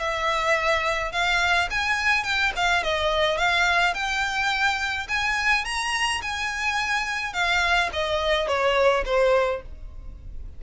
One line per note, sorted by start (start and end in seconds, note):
0.00 1.12 E5
1.12 1.69 F5
1.71 2.24 G#5
2.24 2.52 G5
2.57 2.84 F5
2.84 3.38 D#5
3.38 3.94 F5
3.94 5.07 G5
5.09 5.65 G#5
5.65 6.22 A#5
6.22 7.34 G#5
7.34 7.90 F5
7.93 8.48 D#5
8.48 9.04 C#5
9.06 9.62 C5